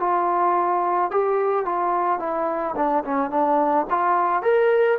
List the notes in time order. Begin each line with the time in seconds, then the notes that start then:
0.00 F4
1.11 G4
1.66 F4
2.19 E4
2.76 D4
3.05 C#4
3.30 D4
3.90 F4
4.43 A#4